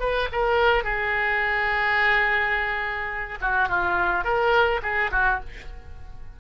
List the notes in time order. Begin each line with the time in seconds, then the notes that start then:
0.00 B4
0.32 A#4
0.84 G#4
3.41 F#4
3.69 F4
4.24 A#4
4.83 G#4
5.12 F#4